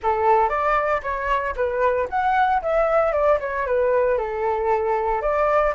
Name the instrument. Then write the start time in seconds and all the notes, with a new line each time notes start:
flute
0.03 A4
0.49 D5
1.02 C#5
1.56 B4
2.09 F#5
2.62 E5
3.12 D5
3.40 C#5
3.66 B4
4.17 A4
5.21 D5